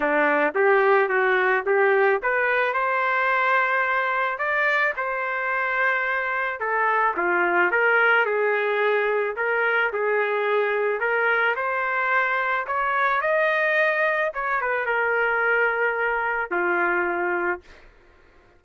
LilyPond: \new Staff \with { instrumentName = "trumpet" } { \time 4/4 \tempo 4 = 109 d'4 g'4 fis'4 g'4 | b'4 c''2. | d''4 c''2. | a'4 f'4 ais'4 gis'4~ |
gis'4 ais'4 gis'2 | ais'4 c''2 cis''4 | dis''2 cis''8 b'8 ais'4~ | ais'2 f'2 | }